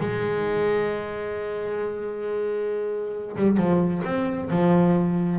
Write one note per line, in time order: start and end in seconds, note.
0.00 3.36 G#3
3.36 3.57 G3
3.57 4.02 F3
4.04 4.49 C4
4.50 5.39 F3